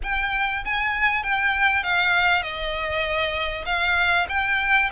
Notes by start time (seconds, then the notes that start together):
0.03 G5
0.64 G#5
1.23 G5
1.83 F5
2.42 D#5
3.65 F5
4.28 G5